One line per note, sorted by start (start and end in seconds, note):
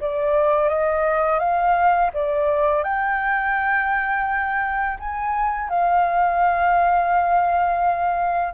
0.00 0.69 D5
0.69 1.39 D#5
1.39 2.10 F5
2.13 2.83 D5
2.83 4.98 G5
4.99 5.69 G#5
5.69 8.53 F5